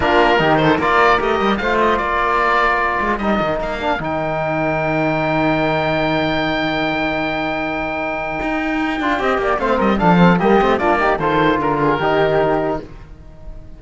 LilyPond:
<<
  \new Staff \with { instrumentName = "oboe" } { \time 4/4 \tempo 4 = 150 ais'4. c''8 d''4 dis''4 | f''8 dis''8 d''2. | dis''4 f''4 g''2~ | g''1~ |
g''1~ | g''1 | f''8 dis''8 f''4 dis''4 d''4 | c''4 ais'2. | }
  \new Staff \with { instrumentName = "flute" } { \time 4/4 f'4 g'8 a'8 ais'2 | c''4 ais'2.~ | ais'1~ | ais'1~ |
ais'1~ | ais'2. dis''8 d''8 | c''8 ais'8 a'4 g'4 f'8 g'8 | a'4 ais'8 gis'8 g'2 | }
  \new Staff \with { instrumentName = "trombone" } { \time 4/4 d'4 dis'4 f'4 g'4 | f'1 | dis'4. d'8 dis'2~ | dis'1~ |
dis'1~ | dis'2~ dis'8 f'8 g'4 | c'4 d'8 c'8 ais8 c'8 d'8 dis'8 | f'2 dis'2 | }
  \new Staff \with { instrumentName = "cello" } { \time 4/4 ais4 dis4 ais4 a8 g8 | a4 ais2~ ais8 gis8 | g8 dis8 ais4 dis2~ | dis1~ |
dis1~ | dis4 dis'4. d'8 c'8 ais8 | a8 g8 f4 g8 a8 ais4 | dis4 d4 dis2 | }
>>